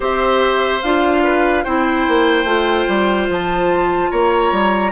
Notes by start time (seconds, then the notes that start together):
0.00 C4 G4 C5 E5
0.82 D4 F4 F5
1.23 B4
1.63 C4 E4 C5 G5
2.08 A#3
2.44 A3 F4
2.88 G3
3.28 F3 A5
4.10 A#3 C#5 A#5
4.52 G3